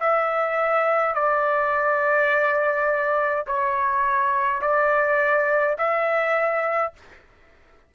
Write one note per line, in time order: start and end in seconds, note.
0.00 1.14 E5
1.14 3.45 D5
3.46 4.61 C#5
4.61 5.76 D5
5.77 6.93 E5